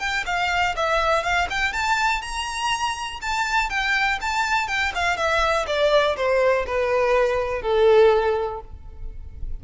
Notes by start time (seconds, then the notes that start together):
0.00 G5
0.26 F5
0.76 E5
1.24 F5
1.51 G5
1.73 A5
2.22 A#5
3.22 A5
3.70 G5
4.22 A5
4.68 G5
4.95 F5
5.18 E5
5.67 D5
6.17 C5
6.67 B4
7.63 A4